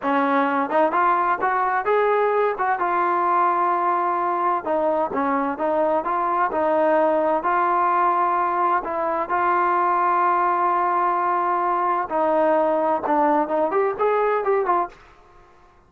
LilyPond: \new Staff \with { instrumentName = "trombone" } { \time 4/4 \tempo 4 = 129 cis'4. dis'8 f'4 fis'4 | gis'4. fis'8 f'2~ | f'2 dis'4 cis'4 | dis'4 f'4 dis'2 |
f'2. e'4 | f'1~ | f'2 dis'2 | d'4 dis'8 g'8 gis'4 g'8 f'8 | }